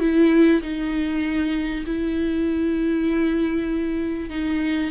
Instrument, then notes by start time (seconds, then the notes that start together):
viola
0.00 E4
0.62 D#4
1.86 E4
4.30 D#4